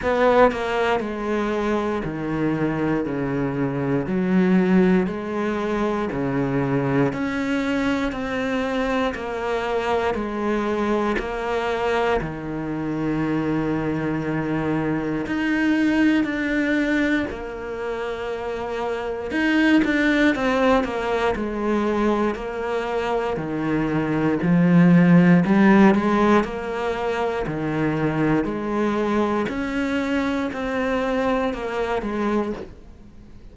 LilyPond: \new Staff \with { instrumentName = "cello" } { \time 4/4 \tempo 4 = 59 b8 ais8 gis4 dis4 cis4 | fis4 gis4 cis4 cis'4 | c'4 ais4 gis4 ais4 | dis2. dis'4 |
d'4 ais2 dis'8 d'8 | c'8 ais8 gis4 ais4 dis4 | f4 g8 gis8 ais4 dis4 | gis4 cis'4 c'4 ais8 gis8 | }